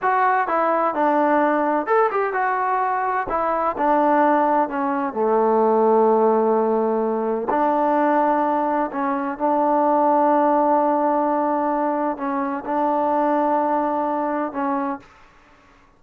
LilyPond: \new Staff \with { instrumentName = "trombone" } { \time 4/4 \tempo 4 = 128 fis'4 e'4 d'2 | a'8 g'8 fis'2 e'4 | d'2 cis'4 a4~ | a1 |
d'2. cis'4 | d'1~ | d'2 cis'4 d'4~ | d'2. cis'4 | }